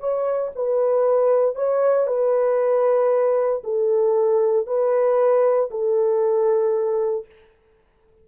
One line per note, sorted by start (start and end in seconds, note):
0.00 0.52 C#5
0.56 1.55 B4
1.55 2.07 C#5
2.07 3.62 B4
3.64 4.67 A4
4.67 5.70 B4
5.71 7.26 A4